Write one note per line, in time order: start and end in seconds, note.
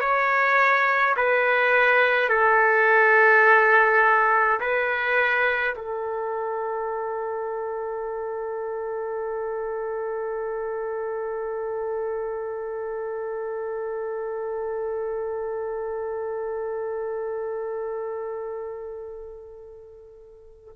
0.00 1.15 C#5
1.16 2.29 B4
2.29 4.59 A4
4.60 5.75 B4
5.75 20.75 A4